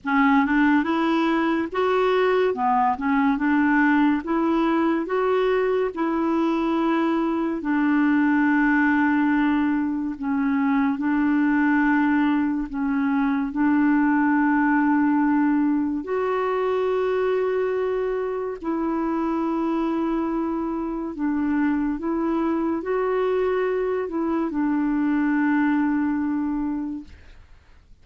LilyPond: \new Staff \with { instrumentName = "clarinet" } { \time 4/4 \tempo 4 = 71 cis'8 d'8 e'4 fis'4 b8 cis'8 | d'4 e'4 fis'4 e'4~ | e'4 d'2. | cis'4 d'2 cis'4 |
d'2. fis'4~ | fis'2 e'2~ | e'4 d'4 e'4 fis'4~ | fis'8 e'8 d'2. | }